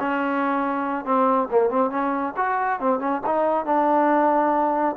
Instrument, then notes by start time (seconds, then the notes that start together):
trombone
0.00 C#4
1.05 C4
1.51 A#3
1.70 C4
1.90 C#4
2.37 F#4
2.80 C4
3.00 C#4
3.26 D#4
3.66 D4